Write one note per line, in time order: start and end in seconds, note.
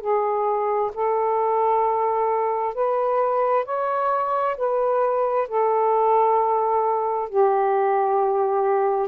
0.00 0.91 G#4
0.94 2.74 A4
2.74 3.65 B4
3.65 4.56 C#5
4.57 5.48 B4
5.48 7.29 A4
7.29 9.08 G4